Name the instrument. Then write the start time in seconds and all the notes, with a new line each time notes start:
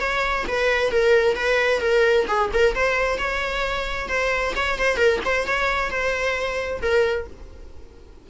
viola
0.00 C#5
0.48 B4
0.91 A#4
1.35 B4
1.81 A#4
2.27 G#4
2.53 A#4
2.75 C5
3.18 C#5
4.08 C5
4.56 C#5
4.79 C5
4.97 A#4
5.25 C5
5.47 C#5
5.90 C5
6.82 A#4